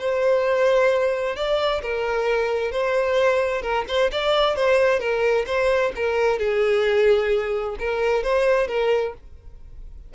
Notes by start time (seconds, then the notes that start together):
0.00 C5
1.36 D5
1.83 A#4
2.72 C5
3.62 A#4
3.88 C5
4.12 D5
4.56 C5
5.00 A#4
5.47 C5
5.96 A#4
6.39 G#4
7.79 A#4
8.23 C5
8.68 A#4